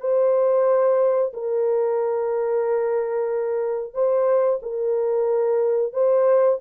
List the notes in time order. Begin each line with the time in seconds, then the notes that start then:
0.00 C5
1.33 A#4
3.94 C5
4.62 A#4
5.93 C5